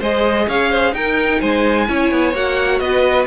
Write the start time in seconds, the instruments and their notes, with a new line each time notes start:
0.00 cello G#3, viola G#4, violin C5 D#5
0.48 cello C#4, violin C#5 F5
0.71 violin C5
0.93 cello D#4, viola D#4, violin A#4 G5
1.41 cello G#3, violin C5 G#5
1.88 cello C#4, viola E4, violin C#5
2.11 cello B3
2.34 cello A#3, viola F#4, violin F#5
2.79 cello B3, violin B4 D#5